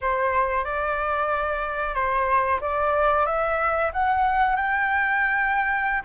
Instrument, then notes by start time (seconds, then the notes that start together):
flute
0.01 C5
0.64 D5
1.94 C5
2.61 D5
3.25 E5
3.92 F#5
4.56 G5